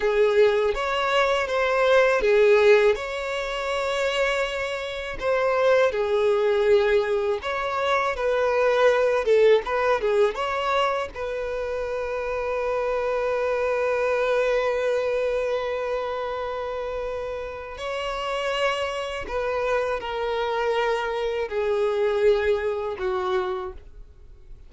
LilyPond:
\new Staff \with { instrumentName = "violin" } { \time 4/4 \tempo 4 = 81 gis'4 cis''4 c''4 gis'4 | cis''2. c''4 | gis'2 cis''4 b'4~ | b'8 a'8 b'8 gis'8 cis''4 b'4~ |
b'1~ | b'1 | cis''2 b'4 ais'4~ | ais'4 gis'2 fis'4 | }